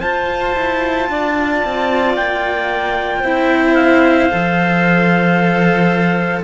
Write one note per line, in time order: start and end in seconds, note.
0.00 0.54 F4
0.00 3.24 F4
0.00 1.08 C5
0.00 2.15 A5
0.55 1.08 E4
1.09 1.63 D4
1.09 3.20 D5
1.65 2.17 C4
2.16 3.24 A#3
2.16 3.75 G5
3.20 4.31 C4
3.20 4.30 E4
3.20 6.42 C5
3.75 6.43 F5
4.30 6.45 F3
4.30 6.44 A4